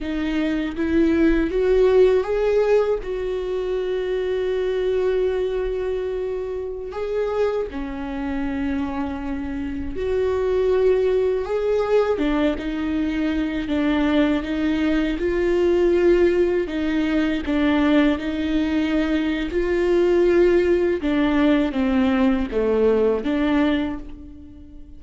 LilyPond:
\new Staff \with { instrumentName = "viola" } { \time 4/4 \tempo 4 = 80 dis'4 e'4 fis'4 gis'4 | fis'1~ | fis'4~ fis'16 gis'4 cis'4.~ cis'16~ | cis'4~ cis'16 fis'2 gis'8.~ |
gis'16 d'8 dis'4. d'4 dis'8.~ | dis'16 f'2 dis'4 d'8.~ | d'16 dis'4.~ dis'16 f'2 | d'4 c'4 a4 d'4 | }